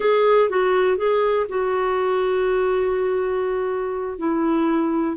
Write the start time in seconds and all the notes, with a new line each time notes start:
0.00 G#4
0.49 F#4
0.97 G#4
1.48 F#4
4.18 E4